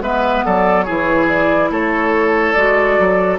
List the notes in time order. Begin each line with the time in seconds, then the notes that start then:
0.00 G#3 B3 B4 E5
0.45 F#3 A4 D5
0.82 E4 G#4 C#5
0.89 E3
1.29 D5
1.70 A3 A4 C#5
2.53 G#3 F#4 D5
2.99 F#3